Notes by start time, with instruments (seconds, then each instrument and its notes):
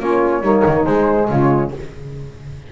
0.00 double bass A#3, trombone C#4, saxophone F4, flute C#5
0.41 double bass G3, trombone A#3, saxophone D#4
0.66 double bass D#3
0.85 double bass G#3, trombone G#3, flute C5
1.29 double bass C#3, saxophone F4, flute C#5